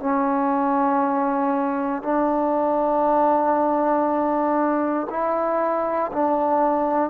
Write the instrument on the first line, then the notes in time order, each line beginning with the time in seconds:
trombone
0.00 C#4
2.02 D4
5.10 E4
6.13 D4